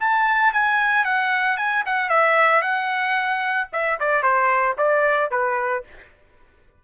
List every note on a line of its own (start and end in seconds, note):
0.00 0.53 A5
0.53 1.05 G#5
1.05 1.57 F#5
1.57 1.84 G#5
1.86 2.09 F#5
2.09 2.62 E5
2.62 3.68 F#5
3.73 3.99 E5
4.00 4.23 D5
4.23 4.76 C5
4.78 5.31 D5
5.31 5.84 B4